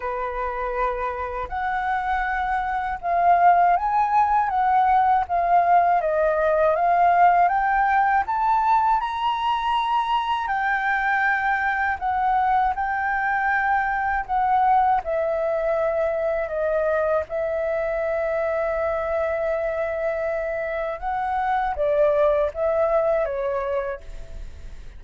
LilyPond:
\new Staff \with { instrumentName = "flute" } { \time 4/4 \tempo 4 = 80 b'2 fis''2 | f''4 gis''4 fis''4 f''4 | dis''4 f''4 g''4 a''4 | ais''2 g''2 |
fis''4 g''2 fis''4 | e''2 dis''4 e''4~ | e''1 | fis''4 d''4 e''4 cis''4 | }